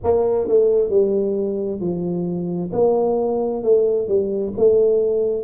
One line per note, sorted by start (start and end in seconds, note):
0.03 0.48 A#3
0.48 0.89 A3
0.89 1.80 G3
1.80 2.71 F3
2.72 3.63 A#3
3.63 4.07 A3
4.07 4.53 G3
4.57 5.43 A3